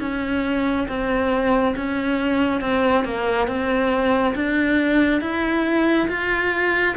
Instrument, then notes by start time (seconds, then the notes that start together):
cello
0.00 C#4
0.88 C4
1.76 C#4
2.61 C4
3.05 A#3
3.47 C4
4.35 D4
5.21 E4
6.09 F4